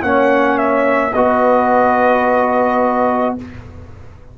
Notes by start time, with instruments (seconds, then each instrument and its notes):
0.00 tuba A#3, trombone C#4, horn C#5, trumpet F#5
0.58 trumpet E5
1.13 tuba B3, trombone F#4, horn B4, trumpet D#5